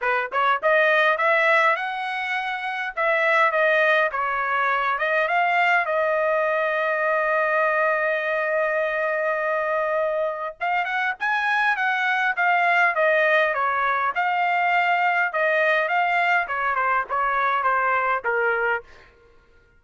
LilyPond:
\new Staff \with { instrumentName = "trumpet" } { \time 4/4 \tempo 4 = 102 b'8 cis''8 dis''4 e''4 fis''4~ | fis''4 e''4 dis''4 cis''4~ | cis''8 dis''8 f''4 dis''2~ | dis''1~ |
dis''2 f''8 fis''8 gis''4 | fis''4 f''4 dis''4 cis''4 | f''2 dis''4 f''4 | cis''8 c''8 cis''4 c''4 ais'4 | }